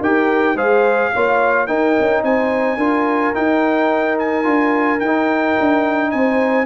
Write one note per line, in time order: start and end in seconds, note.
0.00 0.55 D#4
0.00 0.56 G4
0.00 0.55 A#4
0.00 0.57 G5
0.55 1.11 G#3
0.55 1.12 G#4
0.55 1.10 C5
0.55 1.67 F5
1.13 1.69 A#3
1.13 1.68 F4
1.13 1.67 C#5
1.67 2.79 D#4
1.67 1.97 D#4
1.67 2.23 A#4
1.67 2.22 G5
2.00 2.23 C#4
2.23 2.77 C4
2.23 2.78 C5
2.23 3.35 G#5
2.77 3.32 D4
2.77 3.34 F4
2.77 6.11 A#4
3.34 4.44 D#4
3.34 4.46 D#4
3.34 4.18 G5
4.19 5.00 G#5
4.44 5.01 D4
4.44 4.99 F4
5.00 5.56 D#4
5.00 6.11 G5
5.06 6.66 D#4
5.60 6.14 D4
6.11 6.66 C4
6.11 6.66 C5
6.11 6.66 G#5